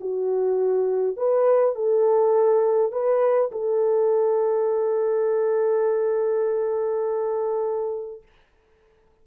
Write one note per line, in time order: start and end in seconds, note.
0.00 1.17 F#4
1.17 1.75 B4
1.75 2.92 A4
2.92 3.51 B4
3.51 8.22 A4